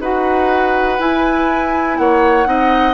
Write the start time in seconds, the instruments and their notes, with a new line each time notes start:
0.00 bassoon D#4, clarinet F#4, oboe B4, flute F#5
0.99 clarinet E4, bassoon E4, flute G#5
1.98 bassoon A#3, oboe C#5, flute F#5
2.45 bassoon C4, clarinet D#4, oboe D#5